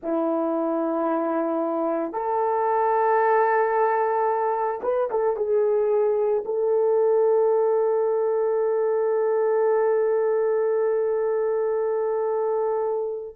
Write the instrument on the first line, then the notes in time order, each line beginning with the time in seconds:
horn
0.02 E4
2.12 A4
4.83 B4
5.10 A4
5.36 G#4
6.45 A4